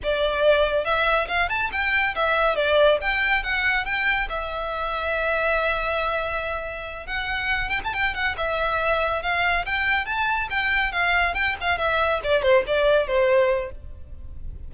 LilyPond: \new Staff \with { instrumentName = "violin" } { \time 4/4 \tempo 4 = 140 d''2 e''4 f''8 a''8 | g''4 e''4 d''4 g''4 | fis''4 g''4 e''2~ | e''1~ |
e''8 fis''4. g''16 a''16 g''8 fis''8 e''8~ | e''4. f''4 g''4 a''8~ | a''8 g''4 f''4 g''8 f''8 e''8~ | e''8 d''8 c''8 d''4 c''4. | }